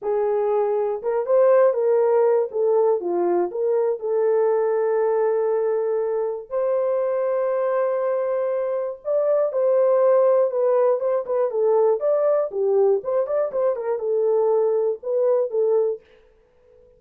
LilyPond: \new Staff \with { instrumentName = "horn" } { \time 4/4 \tempo 4 = 120 gis'2 ais'8 c''4 ais'8~ | ais'4 a'4 f'4 ais'4 | a'1~ | a'4 c''2.~ |
c''2 d''4 c''4~ | c''4 b'4 c''8 b'8 a'4 | d''4 g'4 c''8 d''8 c''8 ais'8 | a'2 b'4 a'4 | }